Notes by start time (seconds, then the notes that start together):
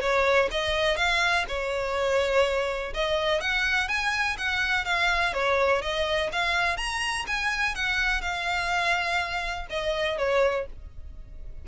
0.00 C#5
0.51 D#5
0.96 F5
1.48 C#5
2.94 D#5
3.40 F#5
3.88 G#5
4.37 F#5
4.85 F5
5.33 C#5
5.82 D#5
6.32 F5
6.77 A#5
7.27 G#5
7.75 F#5
8.21 F5
9.69 D#5
10.17 C#5